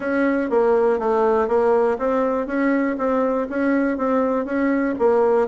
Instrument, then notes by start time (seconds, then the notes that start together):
bassoon
0.00 C#4
0.50 A#3
0.99 A3
1.48 A#3
1.98 C4
2.47 C#4
2.98 C4
3.49 C#4
3.97 C4
4.45 C#4
4.99 A#3